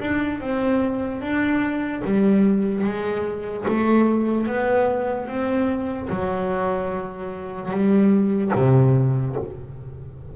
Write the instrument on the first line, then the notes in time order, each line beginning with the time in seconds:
double bass
0.00 D4
0.40 C4
1.21 D4
2.04 G3
2.84 G#3
3.67 A3
4.47 B3
5.27 C4
6.10 F#3
7.71 G3
8.55 C3